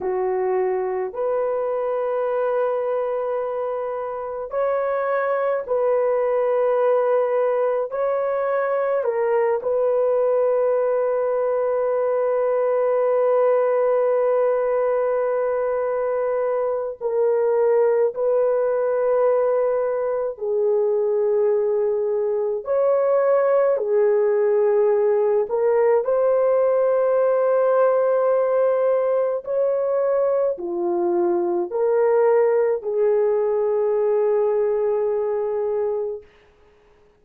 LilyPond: \new Staff \with { instrumentName = "horn" } { \time 4/4 \tempo 4 = 53 fis'4 b'2. | cis''4 b'2 cis''4 | ais'8 b'2.~ b'8~ | b'2. ais'4 |
b'2 gis'2 | cis''4 gis'4. ais'8 c''4~ | c''2 cis''4 f'4 | ais'4 gis'2. | }